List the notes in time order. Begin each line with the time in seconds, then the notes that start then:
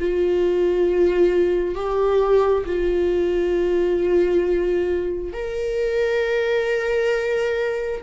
0.00 F4
1.76 G4
2.66 F4
5.33 A#4